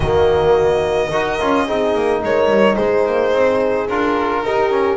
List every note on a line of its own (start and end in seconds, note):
0.00 1.10 D#3
0.00 1.11 A#3
0.00 1.10 F#4
0.00 2.22 D#5
1.10 1.39 D#4
1.10 1.39 F#4
1.10 1.65 A#4
1.40 1.67 C#4
1.40 1.67 F4
1.66 1.94 C4
1.66 3.89 D#4
1.66 2.21 G#4
1.94 2.22 A#3
2.22 2.48 G#3
2.22 2.75 A#4
2.22 2.76 C#5
2.48 2.76 G3
2.75 3.05 G#3
2.75 4.41 G#4
2.75 3.87 C5
3.05 3.32 A#3
3.32 3.88 C4
3.89 4.43 D4
3.89 4.45 F4
3.89 4.96 A#4
4.43 4.96 D#4
4.43 4.70 D#4
4.43 4.96 G4
4.70 4.96 C#4